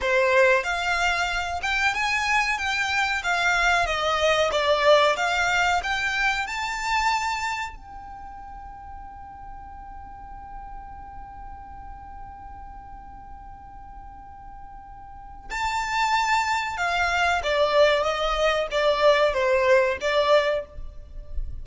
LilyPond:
\new Staff \with { instrumentName = "violin" } { \time 4/4 \tempo 4 = 93 c''4 f''4. g''8 gis''4 | g''4 f''4 dis''4 d''4 | f''4 g''4 a''2 | g''1~ |
g''1~ | g''1 | a''2 f''4 d''4 | dis''4 d''4 c''4 d''4 | }